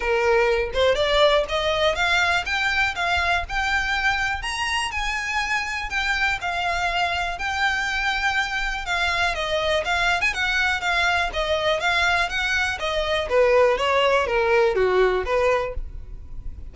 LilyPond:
\new Staff \with { instrumentName = "violin" } { \time 4/4 \tempo 4 = 122 ais'4. c''8 d''4 dis''4 | f''4 g''4 f''4 g''4~ | g''4 ais''4 gis''2 | g''4 f''2 g''4~ |
g''2 f''4 dis''4 | f''8. gis''16 fis''4 f''4 dis''4 | f''4 fis''4 dis''4 b'4 | cis''4 ais'4 fis'4 b'4 | }